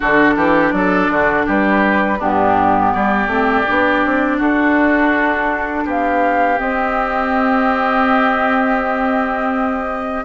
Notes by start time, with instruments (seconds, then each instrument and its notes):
0.00 bassoon D3, clarinet D4, oboe F#4, flute A4
0.36 bassoon E3, oboe G4
0.70 bassoon F#3, oboe A4, flute D5
1.09 bassoon D3, oboe F#4
1.46 bassoon G3, oboe G4, flute B4
2.18 bassoon G2, clarinet B3, oboe D4, flute G4
2.93 bassoon G3, oboe G4, flute D5
3.26 bassoon A3, clarinet C4
3.67 bassoon B3, clarinet D4
4.04 bassoon C4
4.37 bassoon D4, oboe F#4, flute A4
5.85 bassoon B3, oboe G4, flute F5
6.57 clarinet C4, bassoon C4, flute D#5